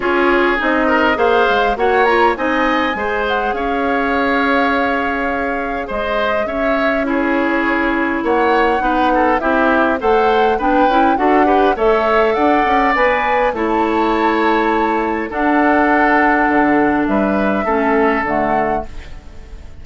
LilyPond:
<<
  \new Staff \with { instrumentName = "flute" } { \time 4/4 \tempo 4 = 102 cis''4 dis''4 f''4 fis''8 ais''8 | gis''4. fis''8 f''2~ | f''2 dis''4 e''4 | cis''2 fis''2 |
e''4 fis''4 g''4 fis''4 | e''4 fis''4 gis''4 a''4~ | a''2 fis''2~ | fis''4 e''2 fis''4 | }
  \new Staff \with { instrumentName = "oboe" } { \time 4/4 gis'4. ais'8 c''4 cis''4 | dis''4 c''4 cis''2~ | cis''2 c''4 cis''4 | gis'2 cis''4 b'8 a'8 |
g'4 c''4 b'4 a'8 b'8 | cis''4 d''2 cis''4~ | cis''2 a'2~ | a'4 b'4 a'2 | }
  \new Staff \with { instrumentName = "clarinet" } { \time 4/4 f'4 dis'4 gis'4 fis'8 f'8 | dis'4 gis'2.~ | gis'1 | e'2. dis'4 |
e'4 a'4 d'8 e'8 fis'8 g'8 | a'2 b'4 e'4~ | e'2 d'2~ | d'2 cis'4 a4 | }
  \new Staff \with { instrumentName = "bassoon" } { \time 4/4 cis'4 c'4 ais8 gis8 ais4 | c'4 gis4 cis'2~ | cis'2 gis4 cis'4~ | cis'2 ais4 b4 |
c'4 a4 b8 cis'8 d'4 | a4 d'8 cis'8 b4 a4~ | a2 d'2 | d4 g4 a4 d4 | }
>>